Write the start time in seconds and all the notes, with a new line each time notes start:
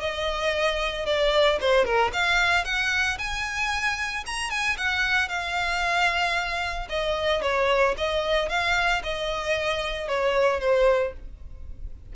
0.00 D#5
1.06 D5
1.60 C5
1.85 A#4
2.13 F5
2.65 F#5
3.18 G#5
4.26 A#5
4.50 G#5
4.77 F#5
5.28 F5
6.89 D#5
7.42 C#5
7.97 D#5
8.49 F5
9.03 D#5
10.08 C#5
10.60 C5